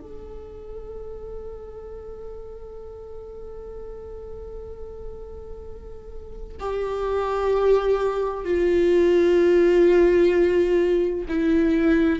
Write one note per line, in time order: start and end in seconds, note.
0.00 6.56 A4
6.59 8.44 G4
8.44 11.25 F4
11.28 12.19 E4